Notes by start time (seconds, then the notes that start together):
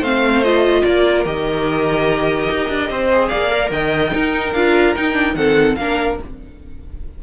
0.00 A3 C4 C5 F5
0.44 F4 D#5
0.84 A#3 A#4 D5
1.26 D#3 G4 D#5
2.51 D#4
2.70 D4
2.90 C4 C5
3.12 G#4
3.29 A#3 D5 F5
3.51 A#4
3.71 D#3 D#5 G5
4.11 D#4 A#4
4.54 D4 F4 F5
4.96 D#4 G5
5.13 D4
5.35 D#3 C4 A4 F#5
5.77 A#3 D4 A#4 F5